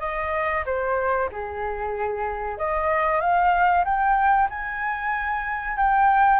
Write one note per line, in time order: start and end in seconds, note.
0.00 0.64 D#5
0.66 1.29 C5
1.31 2.58 G#4
2.58 3.20 D#5
3.20 3.84 F5
3.84 4.48 G5
4.50 5.77 G#5
5.77 6.40 G5